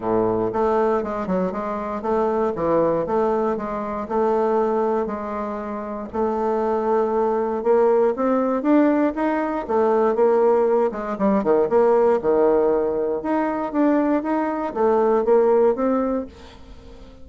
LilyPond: \new Staff \with { instrumentName = "bassoon" } { \time 4/4 \tempo 4 = 118 a,4 a4 gis8 fis8 gis4 | a4 e4 a4 gis4 | a2 gis2 | a2. ais4 |
c'4 d'4 dis'4 a4 | ais4. gis8 g8 dis8 ais4 | dis2 dis'4 d'4 | dis'4 a4 ais4 c'4 | }